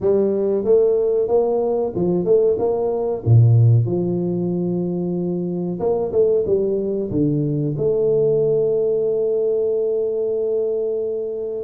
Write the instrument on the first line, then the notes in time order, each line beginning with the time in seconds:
tuba
0.00 G3
0.64 A3
1.28 A#3
1.95 F3
2.24 A3
2.58 A#3
3.25 A#2
3.85 F3
5.79 A#3
6.11 A3
6.45 G3
7.11 D3
7.77 A3